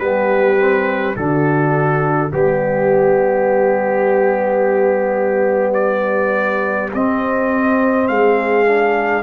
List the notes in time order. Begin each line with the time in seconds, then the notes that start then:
0.00 G3 B3 G4 B4
0.58 C4
1.16 D3 D4 F#4 A4
2.30 G3 B3 G4
5.74 D5
6.94 C4 D#5
8.08 G#3 G#4 F5
8.66 D4